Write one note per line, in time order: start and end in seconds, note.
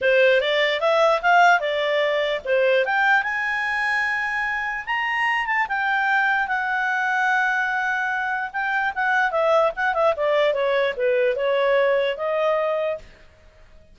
0.01 0.41 C5
0.41 0.80 D5
0.80 1.21 E5
1.22 1.60 F5
1.60 2.41 D5
2.45 2.85 C5
2.85 3.22 G5
3.22 4.85 G#5
4.86 5.46 A#5
5.46 5.66 A5
5.68 6.47 G5
6.47 8.50 F#5
8.52 8.93 G5
8.94 9.31 F#5
9.31 9.71 E5
9.75 9.93 F#5
9.93 10.14 E5
10.16 10.53 D5
10.53 10.94 C#5
10.96 11.36 B4
11.36 12.17 C#5
12.17 12.98 D#5